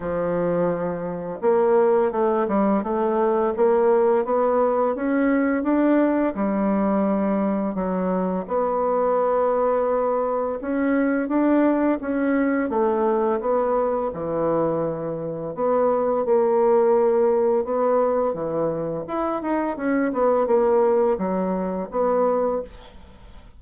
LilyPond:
\new Staff \with { instrumentName = "bassoon" } { \time 4/4 \tempo 4 = 85 f2 ais4 a8 g8 | a4 ais4 b4 cis'4 | d'4 g2 fis4 | b2. cis'4 |
d'4 cis'4 a4 b4 | e2 b4 ais4~ | ais4 b4 e4 e'8 dis'8 | cis'8 b8 ais4 fis4 b4 | }